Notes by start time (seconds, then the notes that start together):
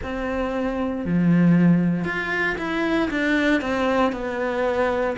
0.03 C4
1.05 F3
2.04 F4
2.58 E4
3.10 D4
3.61 C4
4.12 B3